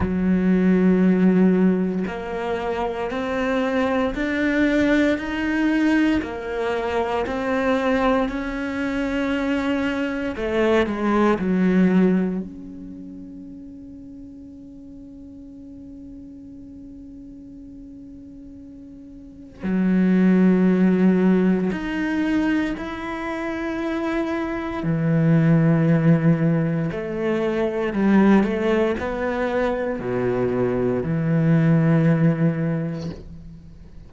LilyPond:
\new Staff \with { instrumentName = "cello" } { \time 4/4 \tempo 4 = 58 fis2 ais4 c'4 | d'4 dis'4 ais4 c'4 | cis'2 a8 gis8 fis4 | cis'1~ |
cis'2. fis4~ | fis4 dis'4 e'2 | e2 a4 g8 a8 | b4 b,4 e2 | }